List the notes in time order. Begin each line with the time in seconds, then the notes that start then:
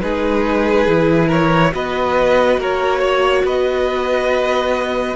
0.00 G#3 D#4 G#4 B4
0.87 E3 E4
1.27 A#4 C#5
1.72 B3 F#4 B4 D#5
2.57 A#3 A#4 C#5
2.99 C#5
3.43 B3 B4 D#5